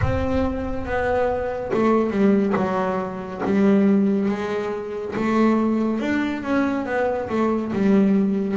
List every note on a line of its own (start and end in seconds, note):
0.01 0.85 C4
0.85 1.71 B3
1.73 2.10 A3
2.10 2.53 G3
2.56 3.41 F#3
3.45 4.28 G3
4.28 5.14 G#3
5.15 6.00 A3
6.00 6.42 D4
6.42 6.85 C#4
6.85 7.28 B3
7.29 7.72 A3
7.72 8.56 G3